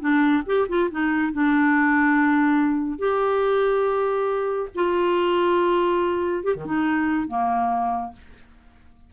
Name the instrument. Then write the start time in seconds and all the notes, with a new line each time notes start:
clarinet
0.00 D4
0.46 G4
0.68 F4
0.91 D#4
1.32 D4
2.98 G4
4.75 F4
6.43 G4
6.55 D#3
6.65 D#4
7.27 A#3